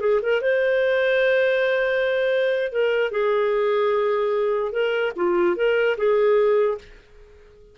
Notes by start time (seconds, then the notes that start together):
0.00 G#4
0.22 A#4
0.41 C5
2.72 A#4
3.11 G#4
4.72 A#4
5.16 F4
5.56 A#4
5.97 G#4